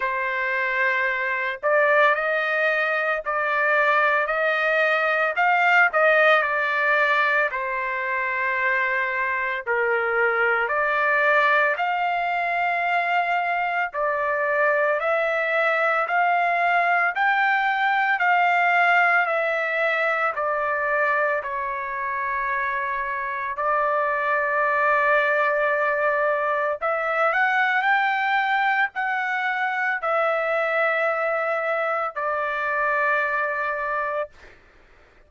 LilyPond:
\new Staff \with { instrumentName = "trumpet" } { \time 4/4 \tempo 4 = 56 c''4. d''8 dis''4 d''4 | dis''4 f''8 dis''8 d''4 c''4~ | c''4 ais'4 d''4 f''4~ | f''4 d''4 e''4 f''4 |
g''4 f''4 e''4 d''4 | cis''2 d''2~ | d''4 e''8 fis''8 g''4 fis''4 | e''2 d''2 | }